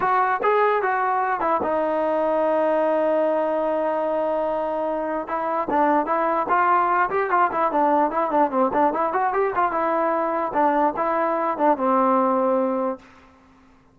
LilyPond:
\new Staff \with { instrumentName = "trombone" } { \time 4/4 \tempo 4 = 148 fis'4 gis'4 fis'4. e'8 | dis'1~ | dis'1~ | dis'4 e'4 d'4 e'4 |
f'4. g'8 f'8 e'8 d'4 | e'8 d'8 c'8 d'8 e'8 fis'8 g'8 f'8 | e'2 d'4 e'4~ | e'8 d'8 c'2. | }